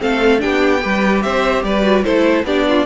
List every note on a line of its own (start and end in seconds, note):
0.00 0.44 A3
0.00 0.39 C4
0.00 0.42 A4
0.00 0.41 F5
0.39 0.85 B3
0.39 0.79 D4
0.39 0.83 G4
0.39 1.22 G5
0.82 1.25 G3
0.82 1.83 G4
0.82 1.24 B4
1.22 1.64 C4
1.22 1.65 C5
1.22 1.63 E5
1.64 2.05 G3
1.64 2.05 B4
1.64 2.04 D5
1.83 2.03 F#4
2.04 2.44 A3
2.04 2.45 E4
2.04 2.45 A4
2.04 2.45 C5
2.44 2.85 B3
2.44 2.86 D4
2.44 2.67 G4
2.44 2.86 D5
2.69 2.86 F4